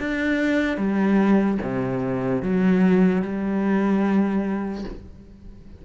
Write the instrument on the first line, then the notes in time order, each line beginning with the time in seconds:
cello
0.00 D4
0.77 G3
1.63 C3
2.43 F#3
3.22 G3